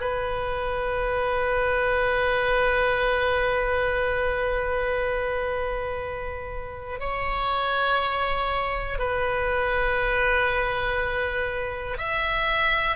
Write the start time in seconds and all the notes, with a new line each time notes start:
0.00 B4
7.00 C#5
8.99 B4
11.97 E5